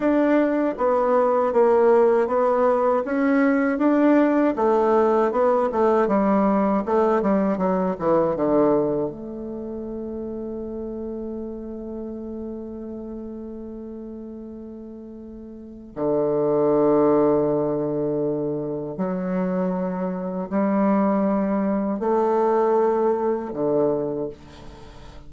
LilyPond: \new Staff \with { instrumentName = "bassoon" } { \time 4/4 \tempo 4 = 79 d'4 b4 ais4 b4 | cis'4 d'4 a4 b8 a8 | g4 a8 g8 fis8 e8 d4 | a1~ |
a1~ | a4 d2.~ | d4 fis2 g4~ | g4 a2 d4 | }